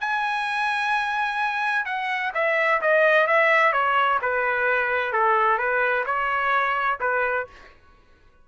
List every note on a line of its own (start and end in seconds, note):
0.00 1.85 G#5
1.85 2.32 F#5
2.34 2.81 E5
2.81 3.27 D#5
3.27 3.72 E5
3.72 4.19 C#5
4.22 5.13 B4
5.13 5.58 A4
5.58 6.05 B4
6.06 6.99 C#5
7.00 7.47 B4